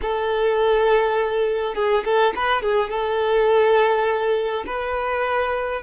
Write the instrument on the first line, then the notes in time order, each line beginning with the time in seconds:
violin
0.01 A4
1.74 G#4
2.04 A4
2.35 B4
2.62 G#4
2.89 A4
4.66 B4